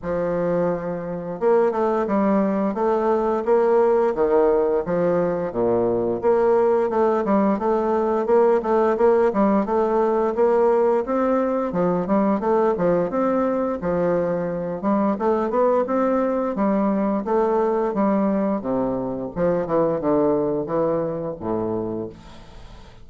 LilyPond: \new Staff \with { instrumentName = "bassoon" } { \time 4/4 \tempo 4 = 87 f2 ais8 a8 g4 | a4 ais4 dis4 f4 | ais,4 ais4 a8 g8 a4 | ais8 a8 ais8 g8 a4 ais4 |
c'4 f8 g8 a8 f8 c'4 | f4. g8 a8 b8 c'4 | g4 a4 g4 c4 | f8 e8 d4 e4 a,4 | }